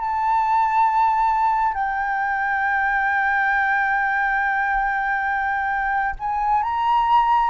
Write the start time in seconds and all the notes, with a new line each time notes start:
0.00 A5
1.74 G5
6.19 G#5
6.63 A#5